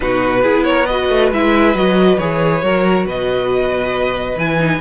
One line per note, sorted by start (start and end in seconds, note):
0.00 0.45 B2
0.00 0.41 D#4
0.00 0.42 F#4
0.00 0.64 B4
0.42 1.09 B3
0.42 0.86 E4
0.42 0.64 G#4
0.64 0.89 A#4
0.64 0.85 C#5
0.85 1.33 F#4
0.85 2.64 B4
0.85 1.29 D#5
1.09 1.31 A3
1.31 1.74 G#3
1.31 1.75 E4
1.31 1.75 E5
1.74 2.18 F#3
1.74 2.19 F#4
1.74 2.18 D#5
2.18 2.63 E3
2.18 2.62 G#4
2.18 3.05 C#5
2.62 3.05 F#3
2.62 4.37 F#4
2.62 3.05 A#4
3.05 4.36 B2
3.05 4.80 B4
3.05 4.38 D#5
4.36 4.79 E3
4.36 4.58 E4
4.36 4.80 G#5
4.58 4.80 D#4